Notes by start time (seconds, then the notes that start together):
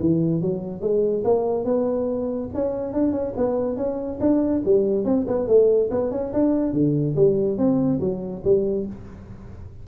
0.00 E3
0.41 F#3
0.81 G#3
1.24 A#3
1.65 B3
2.54 C#4
2.93 D4
3.12 C#4
3.36 B3
3.76 C#4
4.20 D4
4.65 G3
5.04 C4
5.27 B3
5.47 A3
5.90 B3
6.11 C#4
6.33 D4
6.73 D3
7.16 G3
7.57 C4
8.00 F#3
8.44 G3